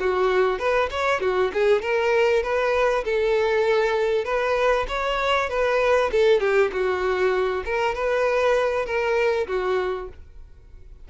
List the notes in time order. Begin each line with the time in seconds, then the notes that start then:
0.00 F#4
0.59 B4
0.91 C#5
1.21 F#4
1.54 G#4
1.82 A#4
2.44 B4
3.05 A4
4.25 B4
4.88 C#5
5.50 B4
6.12 A4
6.40 G4
6.72 F#4
7.65 A#4
7.95 B4
8.86 A#4
9.48 F#4